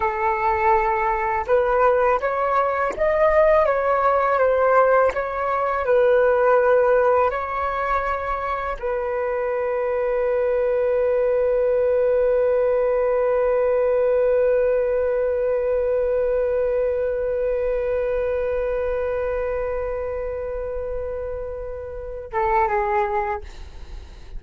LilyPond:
\new Staff \with { instrumentName = "flute" } { \time 4/4 \tempo 4 = 82 a'2 b'4 cis''4 | dis''4 cis''4 c''4 cis''4 | b'2 cis''2 | b'1~ |
b'1~ | b'1~ | b'1~ | b'2~ b'8 a'8 gis'4 | }